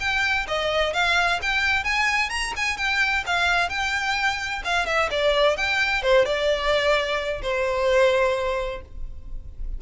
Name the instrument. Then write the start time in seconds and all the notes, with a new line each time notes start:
violin
0.00 G5
0.48 D#5
0.93 F5
1.42 G5
1.84 G#5
2.30 A#5
2.56 G#5
2.77 G5
3.26 F5
3.69 G5
4.64 F5
4.86 E5
5.11 D5
5.57 G5
6.03 C5
6.25 D5
7.42 C5